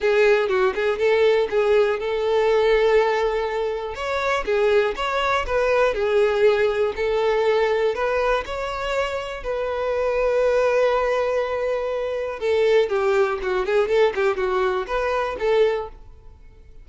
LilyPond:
\new Staff \with { instrumentName = "violin" } { \time 4/4 \tempo 4 = 121 gis'4 fis'8 gis'8 a'4 gis'4 | a'1 | cis''4 gis'4 cis''4 b'4 | gis'2 a'2 |
b'4 cis''2 b'4~ | b'1~ | b'4 a'4 g'4 fis'8 gis'8 | a'8 g'8 fis'4 b'4 a'4 | }